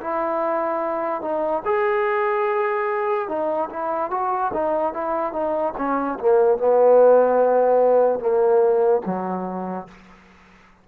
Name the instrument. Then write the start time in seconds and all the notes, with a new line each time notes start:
trombone
0.00 E4
1.21 D#4
1.64 G#4
3.28 D#4
3.69 E4
4.10 F#4
4.53 D#4
4.93 E4
5.32 D#4
5.77 C#4
6.19 A#3
6.57 B3
8.19 A#3
9.05 F#3